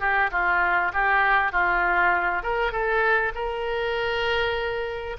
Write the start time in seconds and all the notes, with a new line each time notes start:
0.00 G4
0.31 F4
0.93 G4
1.52 F4
2.43 A#4
2.72 A4
3.35 A#4